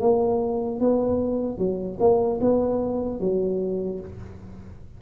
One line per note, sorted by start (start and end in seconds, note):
0.00 0.80 A#3
0.80 1.58 B3
1.58 1.98 F#3
1.99 2.39 A#3
2.41 3.20 B3
3.20 4.00 F#3